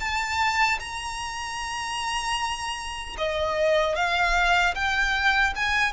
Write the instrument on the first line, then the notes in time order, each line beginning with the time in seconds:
violin
0.00 A5
0.80 A#5
3.18 D#5
3.95 F5
4.75 G5
5.56 G#5